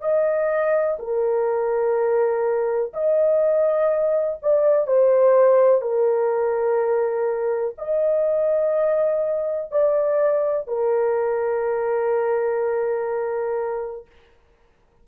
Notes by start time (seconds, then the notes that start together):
0.00 D#5
0.99 A#4
2.93 D#5
4.42 D5
4.87 C5
5.81 A#4
7.77 D#5
9.71 D5
10.67 A#4